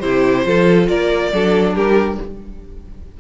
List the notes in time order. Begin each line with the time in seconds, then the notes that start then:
0.00 C3 E4 G4 C5
0.45 F3 F4 A4
0.88 A#3 A#4 D5
1.32 F#3 D4 A4
1.74 G3 G4 A#4